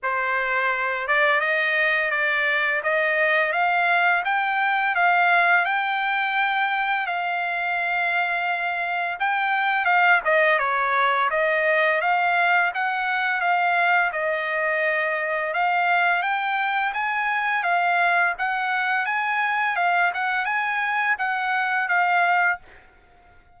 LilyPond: \new Staff \with { instrumentName = "trumpet" } { \time 4/4 \tempo 4 = 85 c''4. d''8 dis''4 d''4 | dis''4 f''4 g''4 f''4 | g''2 f''2~ | f''4 g''4 f''8 dis''8 cis''4 |
dis''4 f''4 fis''4 f''4 | dis''2 f''4 g''4 | gis''4 f''4 fis''4 gis''4 | f''8 fis''8 gis''4 fis''4 f''4 | }